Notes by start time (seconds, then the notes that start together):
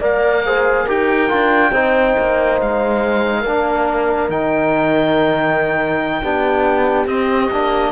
0.00 A#3 A#4 D5 F5
0.45 G#4 C5
0.85 D#4 G4 A#4 G5
1.28 D4 F4
1.72 C4 D#4 C5
2.19 A#3
2.61 G#3 F5
3.40 A#3 A#4
3.47 D4
4.29 D#3 D#4 G5
6.21 B3 D4 G4
7.06 C4 D#5
7.51 A#3 D4